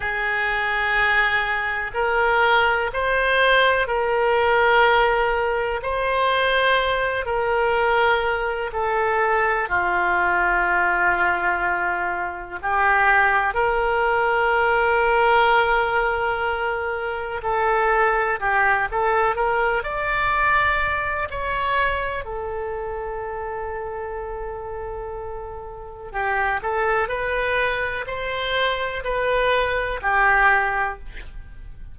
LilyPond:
\new Staff \with { instrumentName = "oboe" } { \time 4/4 \tempo 4 = 62 gis'2 ais'4 c''4 | ais'2 c''4. ais'8~ | ais'4 a'4 f'2~ | f'4 g'4 ais'2~ |
ais'2 a'4 g'8 a'8 | ais'8 d''4. cis''4 a'4~ | a'2. g'8 a'8 | b'4 c''4 b'4 g'4 | }